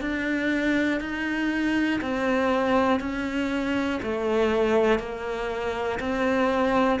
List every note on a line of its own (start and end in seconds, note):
0.00 1.00 D4
1.00 2.00 D#4
2.01 3.00 C4
3.00 4.00 C#4
4.02 4.99 A3
4.99 5.99 A#3
6.00 7.00 C4